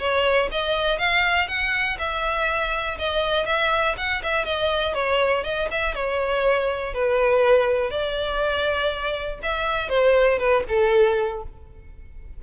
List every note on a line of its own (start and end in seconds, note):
0.00 0.50 C#5
0.52 0.99 D#5
0.99 1.49 F5
1.49 1.98 F#5
1.99 2.98 E5
2.99 3.46 D#5
3.46 3.96 E5
3.98 4.23 F#5
4.24 4.46 E5
4.46 4.95 D#5
4.95 5.44 C#5
5.45 5.69 D#5
5.71 5.95 E5
5.95 6.94 C#5
6.94 7.91 B4
7.91 9.40 D5
9.43 9.89 E5
9.89 10.39 C5
10.39 10.64 B4
10.69 11.43 A4